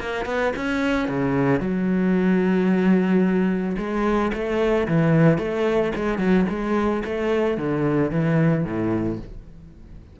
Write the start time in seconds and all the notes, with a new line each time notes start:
0.00 A#3
0.26 B3
0.56 C#4
1.09 C#3
1.60 F#3
3.78 G#3
4.34 A3
4.88 E3
5.39 A3
5.96 G#3
6.19 F#3
6.50 G#3
7.05 A3
7.57 D3
8.11 E3
8.65 A2